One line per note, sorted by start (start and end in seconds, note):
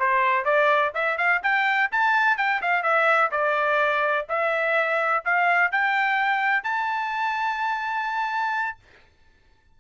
0.00 0.45 C5
0.45 0.93 D5
0.95 1.18 E5
1.18 1.42 F5
1.43 1.90 G5
1.92 2.38 A5
2.38 2.61 G5
2.62 2.83 F5
2.83 3.31 E5
3.32 4.27 D5
4.29 5.24 E5
5.25 5.72 F5
5.72 6.64 G5
6.64 8.78 A5